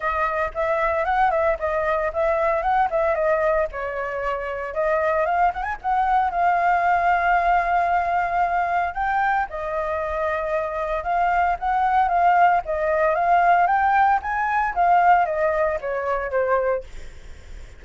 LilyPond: \new Staff \with { instrumentName = "flute" } { \time 4/4 \tempo 4 = 114 dis''4 e''4 fis''8 e''8 dis''4 | e''4 fis''8 e''8 dis''4 cis''4~ | cis''4 dis''4 f''8 fis''16 gis''16 fis''4 | f''1~ |
f''4 g''4 dis''2~ | dis''4 f''4 fis''4 f''4 | dis''4 f''4 g''4 gis''4 | f''4 dis''4 cis''4 c''4 | }